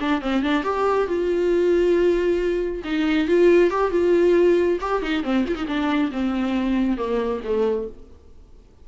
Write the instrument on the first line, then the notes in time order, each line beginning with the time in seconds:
viola
0.00 D4
0.21 C4
0.43 D4
0.64 G4
1.07 F4
2.84 D#4
3.28 F4
3.70 G4
3.91 F4
4.81 G4
5.02 D#4
5.23 C4
5.48 F4
5.55 D#4
5.67 D4
6.12 C4
6.97 A#3
7.44 A3